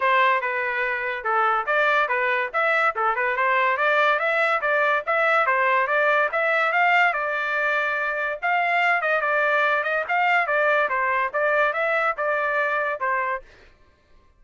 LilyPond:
\new Staff \with { instrumentName = "trumpet" } { \time 4/4 \tempo 4 = 143 c''4 b'2 a'4 | d''4 b'4 e''4 a'8 b'8 | c''4 d''4 e''4 d''4 | e''4 c''4 d''4 e''4 |
f''4 d''2. | f''4. dis''8 d''4. dis''8 | f''4 d''4 c''4 d''4 | e''4 d''2 c''4 | }